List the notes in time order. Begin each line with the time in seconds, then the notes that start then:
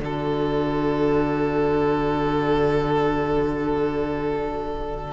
0.00 D3 F#4 A4 D5